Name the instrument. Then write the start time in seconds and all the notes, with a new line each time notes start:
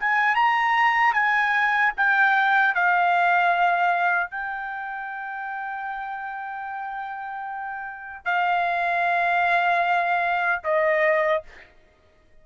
trumpet
0.00 G#5
0.35 A#5
1.14 G#5
1.97 G5
2.75 F5
4.31 G5
8.25 F5
10.64 D#5